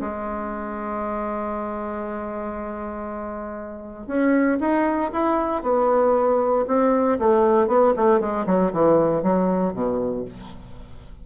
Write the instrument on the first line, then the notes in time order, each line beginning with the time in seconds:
bassoon
0.00 G#3
4.07 C#4
4.60 D#4
5.12 E4
5.63 B3
6.67 C4
7.19 A3
7.67 B3
7.96 A3
8.20 G#3
8.46 F#3
8.72 E3
9.22 F#3
9.73 B2